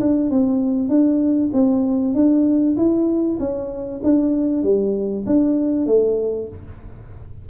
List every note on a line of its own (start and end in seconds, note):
0.00 0.30 D4
0.30 0.89 C4
0.89 1.50 D4
1.53 2.14 C4
2.14 2.76 D4
2.77 3.39 E4
3.39 4.01 C#4
4.03 4.63 D4
4.63 5.25 G3
5.26 5.87 D4
5.87 6.48 A3